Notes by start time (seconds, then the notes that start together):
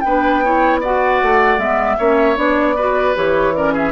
0.00 B3 D4 B4 G5
0.44 E4 C#5
0.80 F#4 D5 F#5
1.22 A3
1.57 G#3 B3 E5
1.98 A#3 C#4 C#5
2.35 B3 D4 D5
2.75 F#4 B4
3.15 E3 G4 C#5
3.54 C#4 A#4 D5
3.73 G#4 E5